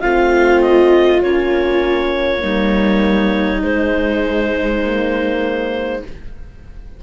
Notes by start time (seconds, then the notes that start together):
0.00 A3 C4 F4 F5
0.60 D#5
1.21 A#3 C#4 C#5
2.39 G3 A#3 D#4
3.62 G#3 C5
4.82 A#3